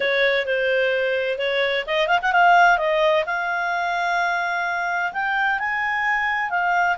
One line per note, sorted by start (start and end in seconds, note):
0.00 0.46 C#5
0.46 1.38 C5
1.38 1.85 C#5
1.86 2.07 D#5
2.07 2.19 F5
2.22 2.32 F#5
2.32 2.78 F5
2.78 3.24 D#5
3.26 5.12 F5
5.12 5.59 G5
5.59 6.50 G#5
6.50 6.96 F5